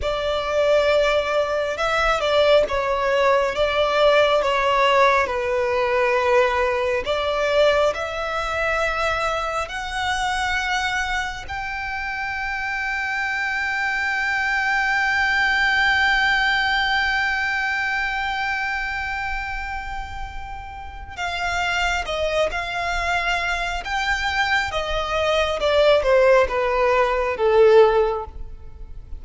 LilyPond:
\new Staff \with { instrumentName = "violin" } { \time 4/4 \tempo 4 = 68 d''2 e''8 d''8 cis''4 | d''4 cis''4 b'2 | d''4 e''2 fis''4~ | fis''4 g''2.~ |
g''1~ | g''1 | f''4 dis''8 f''4. g''4 | dis''4 d''8 c''8 b'4 a'4 | }